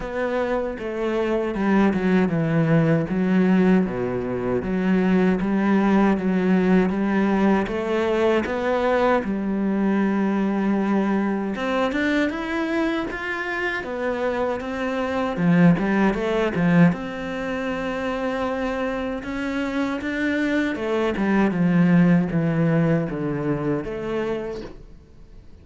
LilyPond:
\new Staff \with { instrumentName = "cello" } { \time 4/4 \tempo 4 = 78 b4 a4 g8 fis8 e4 | fis4 b,4 fis4 g4 | fis4 g4 a4 b4 | g2. c'8 d'8 |
e'4 f'4 b4 c'4 | f8 g8 a8 f8 c'2~ | c'4 cis'4 d'4 a8 g8 | f4 e4 d4 a4 | }